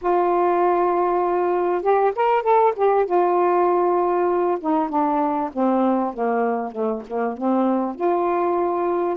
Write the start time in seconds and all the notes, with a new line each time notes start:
0.01 F4
1.81 G4
2.15 A#4
2.42 A4
2.76 G4
3.05 F4
4.60 D#4
4.89 D4
5.52 C4
6.13 A#3
6.71 A3
7.07 A#3
7.37 C4
7.95 F4